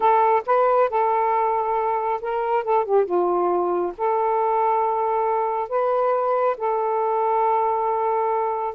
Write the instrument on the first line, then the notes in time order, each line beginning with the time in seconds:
saxophone
0.00 A4
0.46 B4
0.89 A4
2.21 A#4
2.64 A4
2.84 G4
3.05 F4
3.97 A4
5.69 B4
6.57 A4